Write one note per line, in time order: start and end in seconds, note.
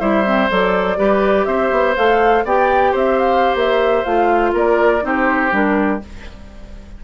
0.00 0.51 G3
0.00 0.25 E4
0.00 0.99 C5
0.00 0.50 E5
0.25 0.50 C4
0.50 0.98 F#3
0.50 0.97 A4
0.50 1.46 D5
0.97 1.47 G3
0.97 1.95 G4
0.97 1.47 B4
1.46 1.72 C4
1.46 2.45 C5
1.46 1.95 E5
1.72 1.96 B3
1.96 2.45 A3
1.96 2.45 A4
1.96 2.46 F5
2.45 2.94 B3
2.45 4.06 G4
2.45 2.92 D5
2.45 2.95 G5
2.92 3.55 C4
2.92 4.52 C5
2.92 3.20 E5
3.20 3.56 F5
3.55 4.05 A#3
3.55 4.05 E5
4.05 4.54 A3
4.05 5.01 F4
4.05 4.54 F5
4.54 5.03 A#3
4.54 5.04 A#4
4.54 5.06 D5
5.01 5.52 C4
5.01 5.51 D#4
5.01 6.05 G4
5.01 5.54 C5
5.51 6.01 G3
5.51 6.00 D4
5.51 6.04 A#4